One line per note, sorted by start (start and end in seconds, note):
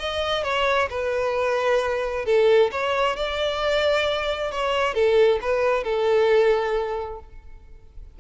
0.00 0.44 D#5
0.44 0.89 C#5
0.90 2.26 B4
2.26 2.71 A4
2.72 3.16 C#5
3.16 4.52 D5
4.52 4.95 C#5
4.95 5.40 A4
5.42 5.84 B4
5.84 7.20 A4